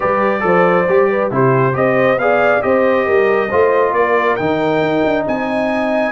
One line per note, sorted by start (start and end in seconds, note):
0.00 0.43 G3
0.00 0.40 G4
0.00 0.44 B4
0.00 1.30 D5
0.40 0.87 F3
0.40 0.84 A4
0.40 1.10 C5
0.88 1.31 G3
0.88 1.31 G4
1.10 1.32 B4
1.31 1.74 C3
1.31 1.73 E4
1.31 1.77 G4
1.31 1.75 C5
1.73 2.16 C4
1.73 2.17 G4
1.73 2.21 C5
1.73 2.18 D#5
2.16 2.60 B3
2.16 2.61 G#4
2.16 2.65 D5
2.16 2.62 F5
2.61 3.07 C4
2.61 3.48 G4
2.61 3.05 C5
2.61 3.93 D#5
3.05 3.51 G3
3.05 3.48 A#4
3.48 3.92 A3
3.48 4.38 F4
3.48 3.92 C5
3.92 4.36 A#3
3.92 5.26 A#4
3.92 4.36 D5
4.36 4.81 D#3
4.36 6.11 D#4
4.36 5.23 G5
4.81 5.03 D#4
5.04 5.26 D4
5.27 6.11 C4
5.27 6.11 D#5
5.27 6.11 G#5